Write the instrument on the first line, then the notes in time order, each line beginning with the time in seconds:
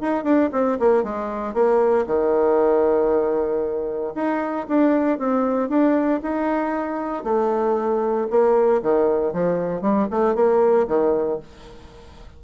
bassoon
0.00 D#4
0.24 D4
0.52 C4
0.79 A#3
1.03 G#3
1.53 A#3
2.06 D#3
4.14 D#4
4.68 D4
5.18 C4
5.68 D4
6.22 D#4
7.23 A3
8.30 A#3
8.82 D#3
9.33 F3
9.81 G3
10.10 A3
10.35 A#3
10.87 D#3